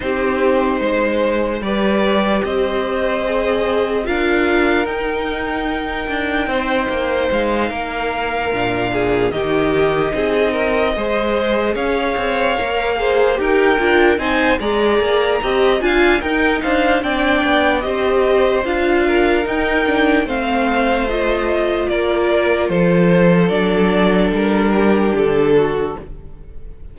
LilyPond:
<<
  \new Staff \with { instrumentName = "violin" } { \time 4/4 \tempo 4 = 74 c''2 d''4 dis''4~ | dis''4 f''4 g''2~ | g''4 f''2~ f''8 dis''8~ | dis''2~ dis''8 f''4.~ |
f''8 g''4 gis''8 ais''4. gis''8 | g''8 f''8 g''4 dis''4 f''4 | g''4 f''4 dis''4 d''4 | c''4 d''4 ais'4 a'4 | }
  \new Staff \with { instrumentName = "violin" } { \time 4/4 g'4 c''4 b'4 c''4~ | c''4 ais'2. | c''4. ais'4. gis'8 g'8~ | g'8 gis'8 ais'8 c''4 cis''4. |
c''8 ais'4 c''8 d''4 dis''8 f''8 | ais'8 c''8 d''4 c''4. ais'8~ | ais'4 c''2 ais'4 | a'2~ a'8 g'4 fis'8 | }
  \new Staff \with { instrumentName = "viola" } { \time 4/4 dis'2 g'2 | gis'4 f'4 dis'2~ | dis'2~ dis'8 d'4 dis'8~ | dis'4. gis'2 ais'8 |
gis'8 g'8 f'8 dis'8 gis'4 g'8 f'8 | dis'4 d'4 g'4 f'4 | dis'8 d'8 c'4 f'2~ | f'4 d'2. | }
  \new Staff \with { instrumentName = "cello" } { \time 4/4 c'4 gis4 g4 c'4~ | c'4 d'4 dis'4. d'8 | c'8 ais8 gis8 ais4 ais,4 dis8~ | dis8 c'4 gis4 cis'8 c'8 ais8~ |
ais8 dis'8 d'8 c'8 gis8 ais8 c'8 d'8 | dis'8 d'8 c'8 b8 c'4 d'4 | dis'4 a2 ais4 | f4 fis4 g4 d4 | }
>>